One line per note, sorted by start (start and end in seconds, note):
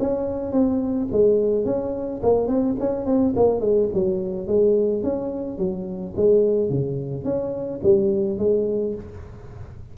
0.00 0.52 C#4
0.52 1.08 C4
1.12 1.66 G#3
1.66 2.22 C#4
2.23 2.48 A#3
2.48 2.76 C4
2.80 3.06 C#4
3.06 3.34 C4
3.36 3.61 A#3
3.61 3.89 G#3
3.94 4.47 F#3
4.47 5.03 G#3
5.04 5.58 C#4
5.58 6.15 F#3
6.17 6.70 G#3
6.70 7.25 C#3
7.25 7.81 C#4
7.84 8.39 G3
8.39 8.95 G#3